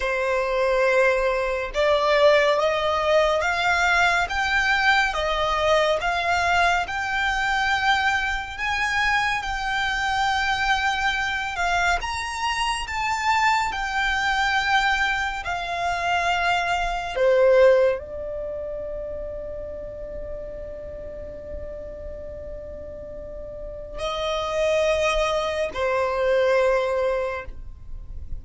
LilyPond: \new Staff \with { instrumentName = "violin" } { \time 4/4 \tempo 4 = 70 c''2 d''4 dis''4 | f''4 g''4 dis''4 f''4 | g''2 gis''4 g''4~ | g''4. f''8 ais''4 a''4 |
g''2 f''2 | c''4 d''2.~ | d''1 | dis''2 c''2 | }